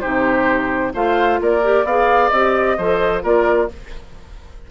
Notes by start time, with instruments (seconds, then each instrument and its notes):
0.00 bassoon C3, clarinet D#4, oboe G4, flute C5
0.93 bassoon A3, clarinet F4, oboe C5, flute F5
1.40 bassoon A#3, oboe A#4, flute D5
1.62 clarinet G4
1.84 bassoon B3, clarinet G#4, oboe D5, flute F5
2.29 bassoon C4, clarinet G4, flute D#5
2.77 bassoon F3, clarinet A4, oboe C5
3.22 bassoon A#3, clarinet F4, oboe A#4, flute D5